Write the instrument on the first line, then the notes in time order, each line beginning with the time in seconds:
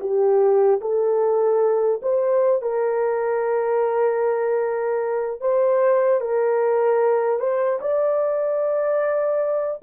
horn
0.00 G4
0.81 A4
2.02 C5
2.61 A#4
5.40 C5
6.20 A#4
7.39 C5
7.81 D5